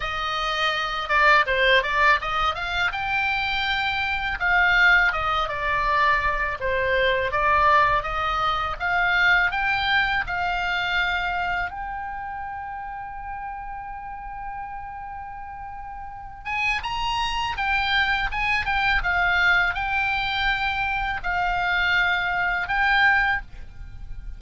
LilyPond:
\new Staff \with { instrumentName = "oboe" } { \time 4/4 \tempo 4 = 82 dis''4. d''8 c''8 d''8 dis''8 f''8 | g''2 f''4 dis''8 d''8~ | d''4 c''4 d''4 dis''4 | f''4 g''4 f''2 |
g''1~ | g''2~ g''8 gis''8 ais''4 | g''4 gis''8 g''8 f''4 g''4~ | g''4 f''2 g''4 | }